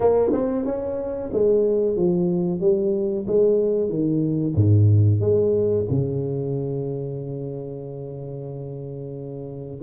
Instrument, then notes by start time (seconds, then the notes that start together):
tuba
0.00 A#3
0.32 C4
0.65 C#4
1.32 G#3
1.96 F3
2.60 G3
3.27 G#3
3.89 D#3
4.55 G#2
5.20 G#3
5.89 C#3